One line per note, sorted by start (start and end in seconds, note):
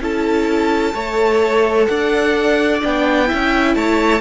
0.00 0.94 C#4
0.00 0.94 E4
0.00 0.95 A4
0.00 1.86 A5
0.94 1.88 A3
0.94 2.81 A4
0.94 1.88 C#5
1.86 2.83 D4
1.86 3.28 D5
1.86 2.79 F#5
2.81 3.31 B3
2.81 3.26 D4
2.81 3.75 G5
3.26 4.20 E4
3.26 3.75 E5
3.33 3.75 C#4
3.75 4.21 A3
3.75 4.21 C#5
3.75 4.21 A5